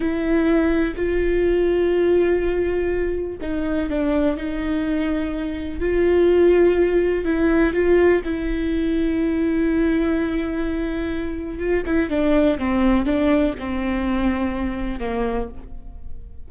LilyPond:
\new Staff \with { instrumentName = "viola" } { \time 4/4 \tempo 4 = 124 e'2 f'2~ | f'2. dis'4 | d'4 dis'2. | f'2. e'4 |
f'4 e'2.~ | e'1 | f'8 e'8 d'4 c'4 d'4 | c'2. ais4 | }